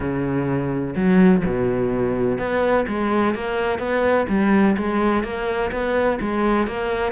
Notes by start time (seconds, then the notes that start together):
0.00 C#3
0.95 F#3
1.45 B2
2.38 B3
2.87 G#3
3.34 A#3
3.79 B3
4.28 G3
4.77 G#3
5.23 A#3
5.71 B3
6.20 G#3
6.67 A#3